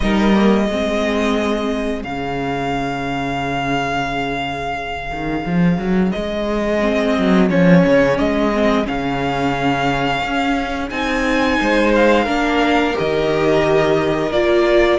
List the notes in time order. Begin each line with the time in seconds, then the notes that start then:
0.00 G3 D#4 A#4 D#5
0.33 A#3
0.68 G#3 C4 G#4
2.03 C#3 C#4 F5
5.11 D#3
5.45 F3
5.77 F#3
6.11 G#3 D#5
6.80 C4
7.18 F#3
7.49 F3 C#4 C#5
7.85 C#3
8.18 G#3 D#5
8.53 C4
8.84 C#3 C#4 F5
10.22 C#4
10.89 C4 D#4 G#5
11.60 G#3 C5
11.95 F5
12.24 A#3 D4 A#4
12.93 D#3 G4 D#5
14.31 A#3 F4 D5